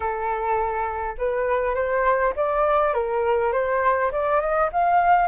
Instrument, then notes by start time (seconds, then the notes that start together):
flute
0.00 A4
1.18 B4
1.74 C5
2.36 D5
2.93 A#4
3.52 C5
4.11 D5
4.40 D#5
4.72 F5